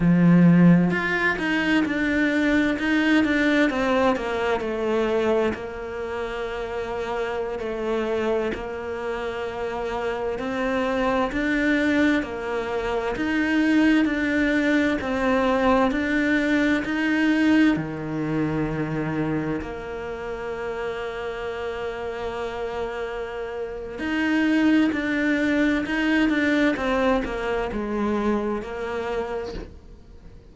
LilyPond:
\new Staff \with { instrumentName = "cello" } { \time 4/4 \tempo 4 = 65 f4 f'8 dis'8 d'4 dis'8 d'8 | c'8 ais8 a4 ais2~ | ais16 a4 ais2 c'8.~ | c'16 d'4 ais4 dis'4 d'8.~ |
d'16 c'4 d'4 dis'4 dis8.~ | dis4~ dis16 ais2~ ais8.~ | ais2 dis'4 d'4 | dis'8 d'8 c'8 ais8 gis4 ais4 | }